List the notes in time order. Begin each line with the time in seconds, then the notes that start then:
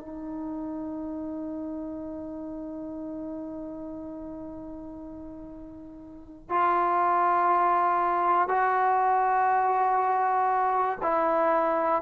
0.00 D#4
6.49 F4
8.48 F#4
11.02 E4